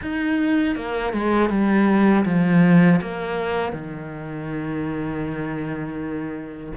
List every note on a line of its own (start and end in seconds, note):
0.01 0.75 D#4
0.75 1.12 A#3
1.13 1.49 G#3
1.49 2.24 G3
2.25 3.00 F3
3.01 3.72 A#3
3.72 6.72 D#3